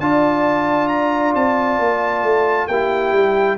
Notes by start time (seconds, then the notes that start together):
0.00 D4 F4 D5 A5
0.88 A#5
1.35 C4 A5
1.79 A#3
2.23 A3
2.68 A#3 E4 G4 G5
3.12 G3